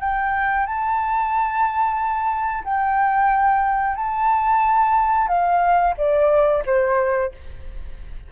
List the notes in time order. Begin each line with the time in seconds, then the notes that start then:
0.00 G5
0.66 A5
2.64 G5
3.96 A5
5.28 F5
5.97 D5
6.66 C5